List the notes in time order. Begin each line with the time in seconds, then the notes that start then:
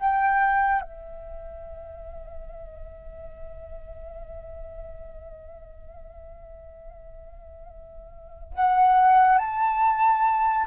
0.00 G5
0.81 E5
8.54 F#5
9.38 A5